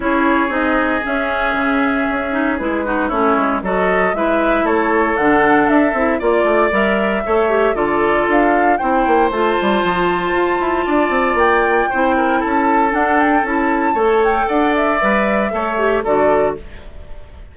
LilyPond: <<
  \new Staff \with { instrumentName = "flute" } { \time 4/4 \tempo 4 = 116 cis''4 dis''4 e''2~ | e''4 b'4 cis''4 dis''4 | e''4 cis''4 fis''4 e''4 | d''4 e''2 d''4 |
f''4 g''4 a''2~ | a''2 g''2 | a''4 fis''8 g''8 a''4. g''8 | fis''8 e''2~ e''8 d''4 | }
  \new Staff \with { instrumentName = "oboe" } { \time 4/4 gis'1~ | gis'4. fis'8 e'4 a'4 | b'4 a'2. | d''2 cis''4 a'4~ |
a'4 c''2.~ | c''4 d''2 c''8 ais'8 | a'2. cis''4 | d''2 cis''4 a'4 | }
  \new Staff \with { instrumentName = "clarinet" } { \time 4/4 e'4 dis'4 cis'2~ | cis'8 dis'8 e'8 dis'8 cis'4 fis'4 | e'2 d'4. e'8 | f'4 ais'4 a'8 g'8 f'4~ |
f'4 e'4 f'2~ | f'2. e'4~ | e'4 d'4 e'4 a'4~ | a'4 b'4 a'8 g'8 fis'4 | }
  \new Staff \with { instrumentName = "bassoon" } { \time 4/4 cis'4 c'4 cis'4 cis4 | cis'4 gis4 a8 gis8 fis4 | gis4 a4 d4 d'8 c'8 | ais8 a8 g4 a4 d4 |
d'4 c'8 ais8 a8 g8 f4 | f'8 e'8 d'8 c'8 ais4 c'4 | cis'4 d'4 cis'4 a4 | d'4 g4 a4 d4 | }
>>